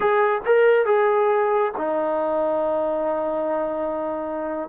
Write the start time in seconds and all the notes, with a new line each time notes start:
0.00 G#4
0.45 A#4
0.85 G#4
1.77 D#4